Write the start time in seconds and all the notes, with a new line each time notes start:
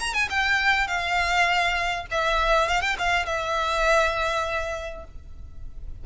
0.00 A#5
0.14 G#5
0.30 G5
0.87 F5
2.11 E5
2.68 F5
2.81 G5
2.99 F5
3.26 E5